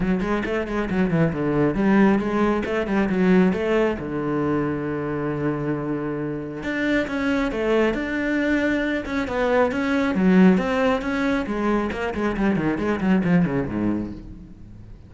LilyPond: \new Staff \with { instrumentName = "cello" } { \time 4/4 \tempo 4 = 136 fis8 gis8 a8 gis8 fis8 e8 d4 | g4 gis4 a8 g8 fis4 | a4 d2.~ | d2. d'4 |
cis'4 a4 d'2~ | d'8 cis'8 b4 cis'4 fis4 | c'4 cis'4 gis4 ais8 gis8 | g8 dis8 gis8 fis8 f8 cis8 gis,4 | }